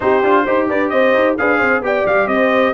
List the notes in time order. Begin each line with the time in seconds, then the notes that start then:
0.00 C4 D#4 G4 C5
0.23 D4 F4
0.44 D#4 G4 C5
0.69 D4 B4 D5
0.89 C4 C5 D#5
1.14 D#4
1.37 D4 G#4 B4 F5
1.58 C4 C5
1.80 B3 G4 D5 G5
2.06 G3 F5
2.27 C4 C5 D#5